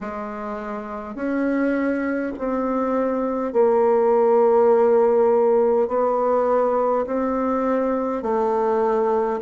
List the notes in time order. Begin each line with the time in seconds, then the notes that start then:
0.01 G#3
1.15 C#4
2.38 C4
3.52 A#3
5.88 B3
7.06 C4
8.22 A3